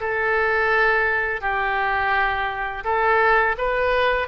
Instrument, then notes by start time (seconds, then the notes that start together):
oboe
0.00 A4
1.41 G4
2.84 A4
3.57 B4